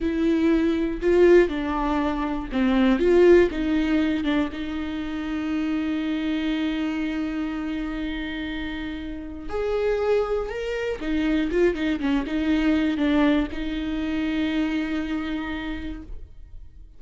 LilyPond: \new Staff \with { instrumentName = "viola" } { \time 4/4 \tempo 4 = 120 e'2 f'4 d'4~ | d'4 c'4 f'4 dis'4~ | dis'8 d'8 dis'2.~ | dis'1~ |
dis'2. gis'4~ | gis'4 ais'4 dis'4 f'8 dis'8 | cis'8 dis'4. d'4 dis'4~ | dis'1 | }